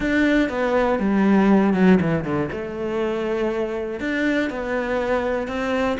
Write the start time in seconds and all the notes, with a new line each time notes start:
0.00 D4
0.49 B3
0.99 G3
1.73 F#3
2.00 E3
2.24 D3
2.52 A3
4.00 D4
4.50 B3
5.47 C4